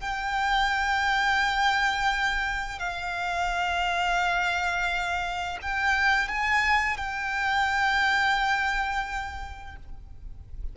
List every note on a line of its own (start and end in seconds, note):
0.00 2.79 G5
2.79 5.58 F5
5.62 6.28 G5
6.28 6.97 G#5
6.97 9.76 G5